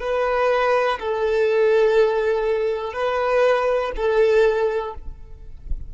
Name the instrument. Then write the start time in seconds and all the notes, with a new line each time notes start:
violin
0.00 B4
0.99 A4
2.93 B4
3.96 A4